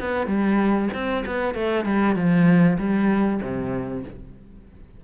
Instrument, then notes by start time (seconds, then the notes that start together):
cello
0.00 B3
0.27 G3
0.94 C4
1.26 B3
1.55 A3
1.85 G3
2.16 F3
2.79 G3
3.42 C3